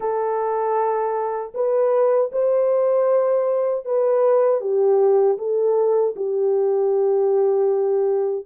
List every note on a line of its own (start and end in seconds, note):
0.00 1.52 A4
1.54 2.31 B4
2.31 3.85 C5
3.85 4.60 B4
4.60 5.37 G4
5.38 6.15 A4
6.16 8.45 G4